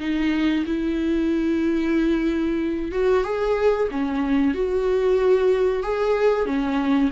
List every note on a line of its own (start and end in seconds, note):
0.00 0.65 D#4
0.66 2.92 E4
2.92 3.24 F#4
3.24 3.89 G#4
3.91 4.54 C#4
4.54 5.83 F#4
5.83 6.46 G#4
6.46 7.10 C#4